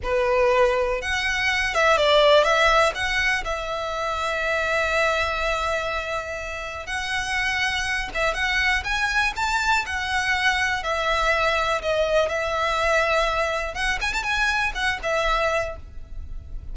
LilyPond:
\new Staff \with { instrumentName = "violin" } { \time 4/4 \tempo 4 = 122 b'2 fis''4. e''8 | d''4 e''4 fis''4 e''4~ | e''1~ | e''2 fis''2~ |
fis''8 e''8 fis''4 gis''4 a''4 | fis''2 e''2 | dis''4 e''2. | fis''8 gis''16 a''16 gis''4 fis''8 e''4. | }